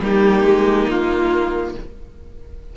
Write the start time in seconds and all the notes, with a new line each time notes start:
0.00 G3 A#3 D#4 G4
0.43 G#3
0.88 A#3 F4